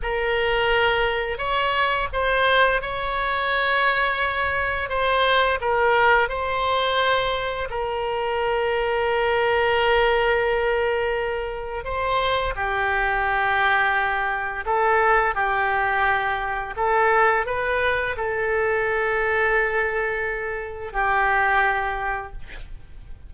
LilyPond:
\new Staff \with { instrumentName = "oboe" } { \time 4/4 \tempo 4 = 86 ais'2 cis''4 c''4 | cis''2. c''4 | ais'4 c''2 ais'4~ | ais'1~ |
ais'4 c''4 g'2~ | g'4 a'4 g'2 | a'4 b'4 a'2~ | a'2 g'2 | }